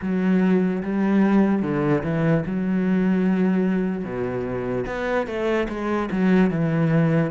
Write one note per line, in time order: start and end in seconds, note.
0.01 0.82 F#3
0.82 1.62 G3
1.62 2.02 D3
2.03 2.44 E3
2.45 4.04 F#3
4.04 4.85 B2
4.86 5.27 B3
5.27 5.67 A3
5.68 6.09 G#3
6.11 6.50 F#3
6.50 7.31 E3